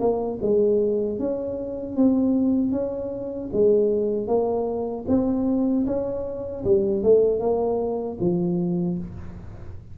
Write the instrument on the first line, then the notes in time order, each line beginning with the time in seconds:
tuba
0.00 A#3
0.42 G#3
1.19 C#4
1.96 C4
2.72 C#4
3.52 G#3
4.27 A#3
5.08 C4
5.86 C#4
6.64 G3
7.03 A3
7.40 A#3
8.20 F3